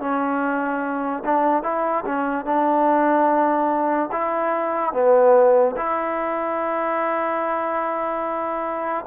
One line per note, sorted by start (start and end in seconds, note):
0.00 1.23 C#4
1.24 1.63 D4
1.63 2.04 E4
2.05 2.45 C#4
2.45 4.09 D4
4.12 4.93 E4
4.93 5.75 B3
5.76 9.05 E4